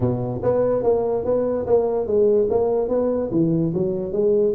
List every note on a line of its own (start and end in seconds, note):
0.00 0.41 B2
0.43 0.83 B3
0.83 1.24 A#3
1.24 1.66 B3
1.66 2.06 A#3
2.06 2.48 G#3
2.50 2.88 A#3
2.88 3.30 B3
3.31 3.72 E3
3.74 4.12 F#3
4.12 4.53 G#3